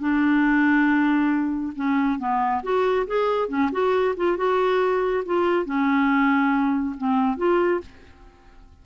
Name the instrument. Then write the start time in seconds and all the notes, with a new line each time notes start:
clarinet
0.00 D4
1.76 C#4
2.19 B3
2.63 F#4
3.07 G#4
3.49 C#4
3.72 F#4
4.17 F4
4.37 F#4
5.26 F4
5.66 C#4
6.98 C4
7.37 F4